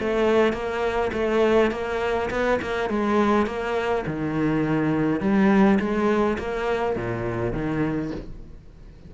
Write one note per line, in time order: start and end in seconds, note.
0.00 0.53 A3
0.53 1.11 A#3
1.13 1.72 A3
1.72 2.30 A#3
2.31 2.60 B3
2.62 2.90 A#3
2.90 3.47 G#3
3.47 4.05 A#3
4.07 5.21 D#3
5.21 5.79 G3
5.80 6.38 G#3
6.39 6.96 A#3
6.96 7.53 A#2
7.53 8.12 D#3